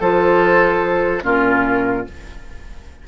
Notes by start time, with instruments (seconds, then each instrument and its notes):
0.00 bassoon F3, clarinet F4, oboe A4, flute C5
1.22 bassoon A#2, clarinet C#4, oboe F4, flute A#4